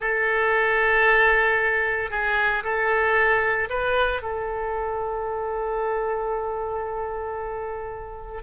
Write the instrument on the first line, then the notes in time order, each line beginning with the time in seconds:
oboe
0.00 A4
2.10 G#4
2.63 A4
3.69 B4
4.22 A4